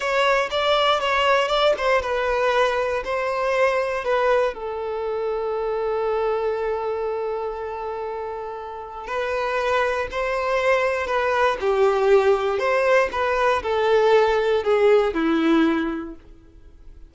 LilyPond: \new Staff \with { instrumentName = "violin" } { \time 4/4 \tempo 4 = 119 cis''4 d''4 cis''4 d''8 c''8 | b'2 c''2 | b'4 a'2.~ | a'1~ |
a'2 b'2 | c''2 b'4 g'4~ | g'4 c''4 b'4 a'4~ | a'4 gis'4 e'2 | }